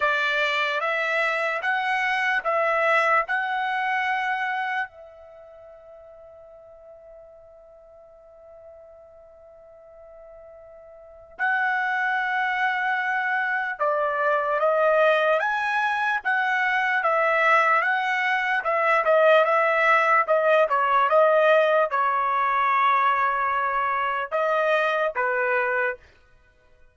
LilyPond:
\new Staff \with { instrumentName = "trumpet" } { \time 4/4 \tempo 4 = 74 d''4 e''4 fis''4 e''4 | fis''2 e''2~ | e''1~ | e''2 fis''2~ |
fis''4 d''4 dis''4 gis''4 | fis''4 e''4 fis''4 e''8 dis''8 | e''4 dis''8 cis''8 dis''4 cis''4~ | cis''2 dis''4 b'4 | }